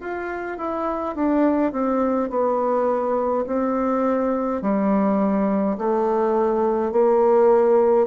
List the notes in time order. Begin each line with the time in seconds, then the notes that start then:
0.00 F4
0.58 E4
1.15 D4
1.72 C4
2.29 B3
3.46 C4
4.62 G3
5.77 A3
6.92 A#3